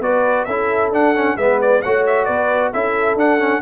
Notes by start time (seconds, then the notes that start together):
0.00 B3 F#4 B4 D5
0.45 C#4 E4 A4 E5
0.91 D4 F#5
1.15 C#4
1.36 G#3 B3 B4 E5
1.61 D5
1.82 A3 F#4 C#5 F#5
2.06 E5
2.25 B3 B4 D5
2.73 C#4 E4 A4 E5
3.15 D4 F#5
3.39 C#4